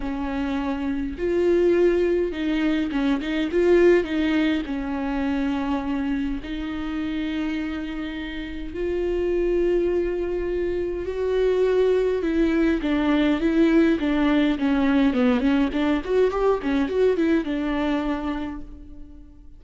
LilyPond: \new Staff \with { instrumentName = "viola" } { \time 4/4 \tempo 4 = 103 cis'2 f'2 | dis'4 cis'8 dis'8 f'4 dis'4 | cis'2. dis'4~ | dis'2. f'4~ |
f'2. fis'4~ | fis'4 e'4 d'4 e'4 | d'4 cis'4 b8 cis'8 d'8 fis'8 | g'8 cis'8 fis'8 e'8 d'2 | }